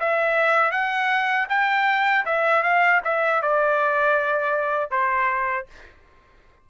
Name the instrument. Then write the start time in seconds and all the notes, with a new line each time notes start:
trumpet
0.00 E5
0.72 F#5
1.49 G5
2.25 E5
2.63 F5
3.04 E5
3.42 D5
4.91 C5